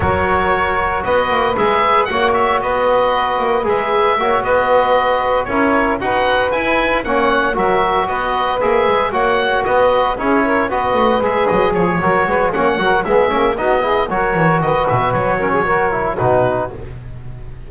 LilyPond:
<<
  \new Staff \with { instrumentName = "oboe" } { \time 4/4 \tempo 4 = 115 cis''2 dis''4 e''4 | fis''8 e''8 dis''2 e''4~ | e''8 dis''2 cis''4 fis''8~ | fis''8 gis''4 fis''4 e''4 dis''8~ |
dis''8 e''4 fis''4 dis''4 cis''8~ | cis''8 dis''4 e''8 dis''8 cis''4. | fis''4 e''4 dis''4 cis''4 | dis''8 e''8 cis''2 b'4 | }
  \new Staff \with { instrumentName = "saxophone" } { \time 4/4 ais'2 b'2 | cis''4 b'2. | cis''8 b'2 ais'4 b'8~ | b'4. cis''4 ais'4 b'8~ |
b'4. cis''4 b'4 gis'8 | ais'8 b'2 gis'8 ais'8 b'8 | cis''8 ais'8 gis'4 fis'8 gis'8 ais'4 | b'4. ais'16 gis'16 ais'4 fis'4 | }
  \new Staff \with { instrumentName = "trombone" } { \time 4/4 fis'2. gis'4 | fis'2. gis'4 | fis'2~ fis'8 e'4 fis'8~ | fis'8 e'4 cis'4 fis'4.~ |
fis'8 gis'4 fis'2 e'8~ | e'8 fis'4 gis'4. fis'4 | cis'8 fis'8 b8 cis'8 dis'8 e'8 fis'4~ | fis'4. cis'8 fis'8 e'8 dis'4 | }
  \new Staff \with { instrumentName = "double bass" } { \time 4/4 fis2 b8 ais8 gis4 | ais4 b4. ais8 gis4 | ais8 b2 cis'4 dis'8~ | dis'8 e'4 ais4 fis4 b8~ |
b8 ais8 gis8 ais4 b4 cis'8~ | cis'8 b8 a8 gis8 fis8 f8 fis8 gis8 | ais8 fis8 gis8 ais8 b4 fis8 e8 | dis8 b,8 fis2 b,4 | }
>>